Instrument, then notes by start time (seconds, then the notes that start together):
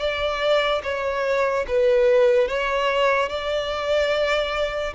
violin
0.00 D5
0.84 C#5
1.68 B4
2.48 C#5
3.30 D5